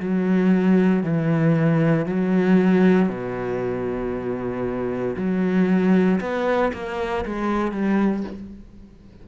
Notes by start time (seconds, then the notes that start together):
0.00 F#3
1.03 E3
2.06 F#3
3.08 B2
5.16 F#3
6.20 B3
6.73 A#3
7.25 G#3
7.72 G3